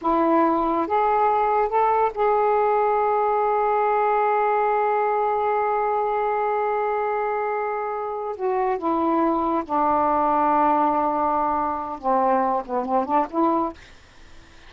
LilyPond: \new Staff \with { instrumentName = "saxophone" } { \time 4/4 \tempo 4 = 140 e'2 gis'2 | a'4 gis'2.~ | gis'1~ | gis'1~ |
gis'2.~ gis'8 fis'8~ | fis'8 e'2 d'4.~ | d'1 | c'4. b8 c'8 d'8 e'4 | }